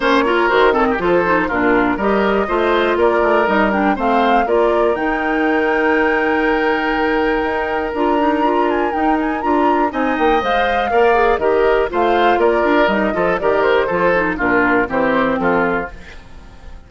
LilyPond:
<<
  \new Staff \with { instrumentName = "flute" } { \time 4/4 \tempo 4 = 121 cis''4 c''8 cis''16 dis''16 c''4 ais'4 | dis''2 d''4 dis''8 g''8 | f''4 d''4 g''2~ | g''1 |
ais''4. gis''8 g''8 gis''8 ais''4 | gis''8 g''8 f''2 dis''4 | f''4 d''4 dis''4 d''8 c''8~ | c''4 ais'4 c''4 a'4 | }
  \new Staff \with { instrumentName = "oboe" } { \time 4/4 c''8 ais'4 a'16 g'16 a'4 f'4 | ais'4 c''4 ais'2 | c''4 ais'2.~ | ais'1~ |
ais'1 | dis''2 d''4 ais'4 | c''4 ais'4. a'8 ais'4 | a'4 f'4 g'4 f'4 | }
  \new Staff \with { instrumentName = "clarinet" } { \time 4/4 cis'8 f'8 fis'8 c'8 f'8 dis'8 d'4 | g'4 f'2 dis'8 d'8 | c'4 f'4 dis'2~ | dis'1 |
f'8 dis'8 f'4 dis'4 f'4 | dis'4 c''4 ais'8 gis'8 g'4 | f'2 dis'8 f'8 g'4 | f'8 dis'8 d'4 c'2 | }
  \new Staff \with { instrumentName = "bassoon" } { \time 4/4 ais4 dis4 f4 ais,4 | g4 a4 ais8 a8 g4 | a4 ais4 dis2~ | dis2. dis'4 |
d'2 dis'4 d'4 | c'8 ais8 gis4 ais4 dis4 | a4 ais8 d'8 g8 f8 dis4 | f4 ais,4 e4 f4 | }
>>